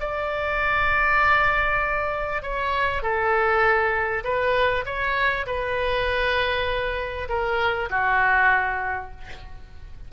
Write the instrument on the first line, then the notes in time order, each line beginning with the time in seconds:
oboe
0.00 D5
2.42 C#5
3.02 A4
4.24 B4
4.85 C#5
5.46 B4
7.28 A#4
7.90 F#4